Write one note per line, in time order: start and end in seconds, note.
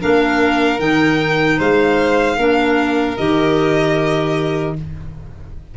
0.00 0.79 A#3
0.00 0.79 D4
0.00 1.58 A#4
0.00 0.80 F5
0.79 1.58 D#3
0.79 2.37 D#4
0.79 1.59 G5
1.58 2.37 G#3
1.58 2.37 C5
1.58 3.17 F5
2.37 3.16 A#3
2.37 3.17 D4
2.37 4.75 A#4
3.17 4.77 D#3
3.17 4.76 G4
3.17 4.75 D#5